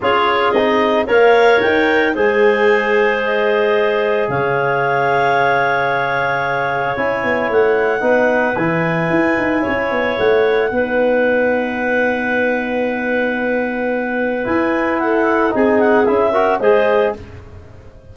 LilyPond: <<
  \new Staff \with { instrumentName = "clarinet" } { \time 4/4 \tempo 4 = 112 cis''4 dis''4 f''4 g''4 | gis''2 dis''2 | f''1~ | f''4 gis''4 fis''2 |
gis''2. fis''4~ | fis''1~ | fis''2. gis''4 | fis''4 gis''8 fis''8 e''4 dis''4 | }
  \new Staff \with { instrumentName = "clarinet" } { \time 4/4 gis'2 cis''2 | c''1 | cis''1~ | cis''2. b'4~ |
b'2 cis''2 | b'1~ | b'1 | a'4 gis'4. ais'8 c''4 | }
  \new Staff \with { instrumentName = "trombone" } { \time 4/4 f'4 dis'4 ais'2 | gis'1~ | gis'1~ | gis'4 e'2 dis'4 |
e'1 | dis'1~ | dis'2. e'4~ | e'4 dis'4 e'8 fis'8 gis'4 | }
  \new Staff \with { instrumentName = "tuba" } { \time 4/4 cis'4 c'4 ais4 dis'4 | gis1 | cis1~ | cis4 cis'8 b8 a4 b4 |
e4 e'8 dis'8 cis'8 b8 a4 | b1~ | b2. e'4~ | e'4 c'4 cis'4 gis4 | }
>>